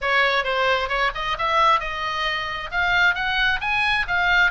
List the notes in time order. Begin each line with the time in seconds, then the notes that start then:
0.01 C#5
0.43 C5
0.88 C#5
1.14 D#5
1.38 E5
1.80 D#5
2.71 F5
3.15 F#5
3.60 G#5
4.07 F5